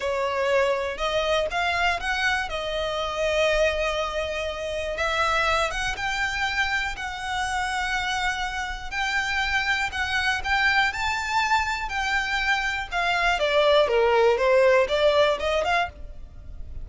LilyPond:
\new Staff \with { instrumentName = "violin" } { \time 4/4 \tempo 4 = 121 cis''2 dis''4 f''4 | fis''4 dis''2.~ | dis''2 e''4. fis''8 | g''2 fis''2~ |
fis''2 g''2 | fis''4 g''4 a''2 | g''2 f''4 d''4 | ais'4 c''4 d''4 dis''8 f''8 | }